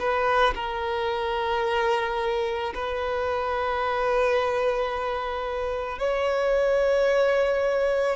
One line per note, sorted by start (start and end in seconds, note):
0.00 0.55 B4
0.56 2.74 A#4
2.75 5.99 B4
5.99 8.16 C#5